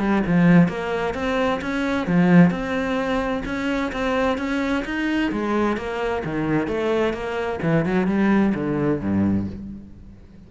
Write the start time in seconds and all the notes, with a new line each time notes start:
0.00 G3
0.27 F3
0.69 A#3
1.15 C4
1.62 C#4
2.07 F3
2.51 C4
3.46 C#4
3.93 C4
4.38 C#4
4.85 D#4
5.32 G#3
5.77 A#3
6.25 D#3
6.68 A3
7.14 A#3
7.63 E3
7.86 F#3
8.08 G3
8.55 D3
9.01 G2